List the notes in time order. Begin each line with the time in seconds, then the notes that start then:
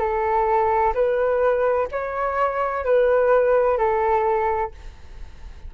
0.00 A4
0.95 B4
1.92 C#5
2.85 B4
3.78 A4